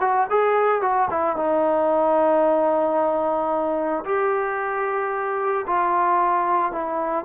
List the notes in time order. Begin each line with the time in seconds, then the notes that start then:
0.00 F#4
0.30 G#4
0.81 F#4
1.10 E4
1.36 D#4
4.04 G4
5.66 F4
6.72 E4